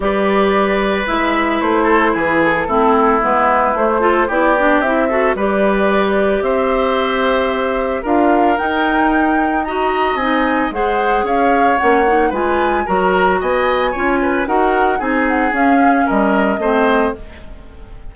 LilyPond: <<
  \new Staff \with { instrumentName = "flute" } { \time 4/4 \tempo 4 = 112 d''2 e''4 c''4 | b'8 a'4. b'4 c''4 | d''4 e''4 d''2 | e''2. f''4 |
g''2 ais''4 gis''4 | fis''4 f''4 fis''4 gis''4 | ais''4 gis''2 fis''4 | gis''8 fis''8 f''4 dis''2 | }
  \new Staff \with { instrumentName = "oboe" } { \time 4/4 b'2.~ b'8 a'8 | gis'4 e'2~ e'8 a'8 | g'4. a'8 b'2 | c''2. ais'4~ |
ais'2 dis''2 | c''4 cis''2 b'4 | ais'4 dis''4 cis''8 b'8 ais'4 | gis'2 ais'4 c''4 | }
  \new Staff \with { instrumentName = "clarinet" } { \time 4/4 g'2 e'2~ | e'4 c'4 b4 a8 f'8 | e'8 d'8 e'8 fis'8 g'2~ | g'2. f'4 |
dis'2 fis'4 dis'4 | gis'2 cis'8 dis'8 f'4 | fis'2 f'4 fis'4 | dis'4 cis'2 c'4 | }
  \new Staff \with { instrumentName = "bassoon" } { \time 4/4 g2 gis4 a4 | e4 a4 gis4 a4 | b4 c'4 g2 | c'2. d'4 |
dis'2. c'4 | gis4 cis'4 ais4 gis4 | fis4 b4 cis'4 dis'4 | c'4 cis'4 g4 a4 | }
>>